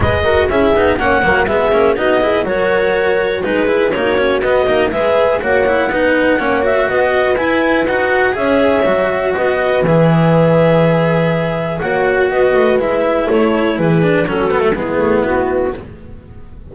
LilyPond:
<<
  \new Staff \with { instrumentName = "clarinet" } { \time 4/4 \tempo 4 = 122 dis''4 e''4 fis''4 e''4 | dis''4 cis''2 b'4 | cis''4 dis''4 e''4 fis''4~ | fis''4. e''8 dis''4 gis''4 |
fis''4 e''2 dis''4 | e''1 | fis''4 dis''4 e''4 cis''4 | b'4 a'4 gis'4 fis'4 | }
  \new Staff \with { instrumentName = "horn" } { \time 4/4 b'8 ais'8 gis'4 cis''8 ais'8 gis'4 | fis'8 gis'8 ais'2 gis'4 | fis'2 b'4 cis''4 | b'4 cis''4 b'2~ |
b'4 cis''2 b'4~ | b'1 | cis''4 b'2 a'4 | gis'4 fis'4 e'2 | }
  \new Staff \with { instrumentName = "cello" } { \time 4/4 gis'8 fis'8 e'8 dis'8 cis'8 ais8 b8 cis'8 | dis'8 e'8 fis'2 dis'8 e'8 | dis'8 cis'8 b8 dis'8 gis'4 fis'8 e'8 | dis'4 cis'8 fis'4. e'4 |
fis'4 gis'4 fis'2 | gis'1 | fis'2 e'2~ | e'8 d'8 cis'8 b16 a16 b2 | }
  \new Staff \with { instrumentName = "double bass" } { \time 4/4 gis4 cis'8 b8 ais8 fis8 gis8 ais8 | b4 fis2 gis4 | ais4 b8 ais8 gis4 ais4 | b4 ais4 b4 e'4 |
dis'4 cis'4 fis4 b4 | e1 | ais4 b8 a8 gis4 a4 | e4 fis4 gis8 a8 b4 | }
>>